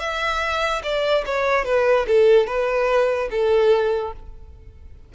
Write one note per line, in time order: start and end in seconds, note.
0.00 0.82 E5
0.84 1.25 D5
1.26 1.65 C#5
1.65 2.06 B4
2.07 2.47 A4
2.47 3.29 B4
3.31 4.13 A4